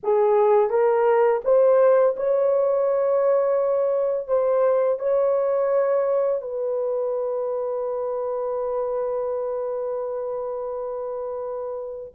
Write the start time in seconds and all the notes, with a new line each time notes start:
0.03 G#4
0.70 A#4
1.44 C5
2.16 C#5
4.27 C5
4.99 C#5
6.41 B4